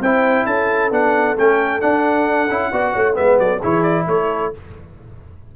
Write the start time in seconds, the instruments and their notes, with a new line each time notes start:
0.00 tuba C4, trombone E4, horn C5, trumpet G5
0.46 tuba C#4, horn A4, trumpet A5
0.91 tuba B3, trombone D4, trumpet F#5
1.37 tuba A3, trombone C#4, trumpet G5
1.81 trombone D4, tuba D4, trumpet F#5
2.49 tuba C#4, trombone E4
2.71 tuba B3, trombone F#4, horn D5
2.93 tuba A3, horn C#5
3.14 tuba G#3, trombone B3, horn B4, trumpet E5
3.39 tuba F#3, horn A4, trumpet D5
3.59 tuba E3, trombone E4, horn G#4, trumpet C#5
3.83 trumpet D5
4.07 tuba A3, horn A4, trumpet C#5